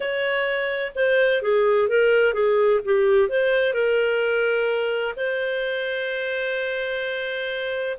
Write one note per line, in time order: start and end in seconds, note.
0.00 0.92 C#5
0.95 1.41 C5
1.41 1.88 G#4
1.88 2.33 A#4
2.33 2.80 G#4
2.84 3.29 G4
3.29 3.73 C5
3.73 5.14 A#4
5.16 7.97 C5